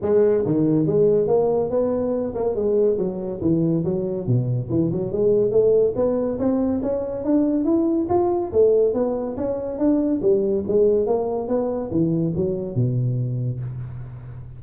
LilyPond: \new Staff \with { instrumentName = "tuba" } { \time 4/4 \tempo 4 = 141 gis4 dis4 gis4 ais4 | b4. ais8 gis4 fis4 | e4 fis4 b,4 e8 fis8 | gis4 a4 b4 c'4 |
cis'4 d'4 e'4 f'4 | a4 b4 cis'4 d'4 | g4 gis4 ais4 b4 | e4 fis4 b,2 | }